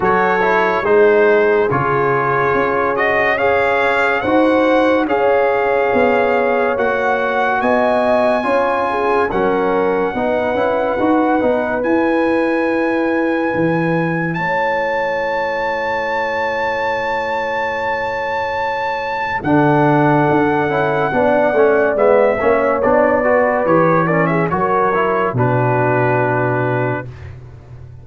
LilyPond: <<
  \new Staff \with { instrumentName = "trumpet" } { \time 4/4 \tempo 4 = 71 cis''4 c''4 cis''4. dis''8 | f''4 fis''4 f''2 | fis''4 gis''2 fis''4~ | fis''2 gis''2~ |
gis''4 a''2.~ | a''2. fis''4~ | fis''2 e''4 d''4 | cis''8 d''16 e''16 cis''4 b'2 | }
  \new Staff \with { instrumentName = "horn" } { \time 4/4 a'4 gis'2. | cis''4 c''4 cis''2~ | cis''4 dis''4 cis''8 gis'8 ais'4 | b'1~ |
b'4 cis''2.~ | cis''2. a'4~ | a'4 d''4. cis''4 b'8~ | b'8 ais'16 gis'16 ais'4 fis'2 | }
  \new Staff \with { instrumentName = "trombone" } { \time 4/4 fis'8 e'8 dis'4 f'4. fis'8 | gis'4 fis'4 gis'2 | fis'2 f'4 cis'4 | dis'8 e'8 fis'8 dis'8 e'2~ |
e'1~ | e'2. d'4~ | d'8 e'8 d'8 cis'8 b8 cis'8 d'8 fis'8 | g'8 cis'8 fis'8 e'8 d'2 | }
  \new Staff \with { instrumentName = "tuba" } { \time 4/4 fis4 gis4 cis4 cis'4~ | cis'4 dis'4 cis'4 b4 | ais4 b4 cis'4 fis4 | b8 cis'8 dis'8 b8 e'2 |
e4 a2.~ | a2. d4 | d'8 cis'8 b8 a8 gis8 ais8 b4 | e4 fis4 b,2 | }
>>